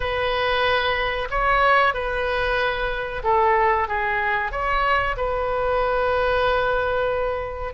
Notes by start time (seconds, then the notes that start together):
0.00 B4
1.30 C#5
1.94 B4
3.23 A4
3.88 G#4
4.51 C#5
5.16 B4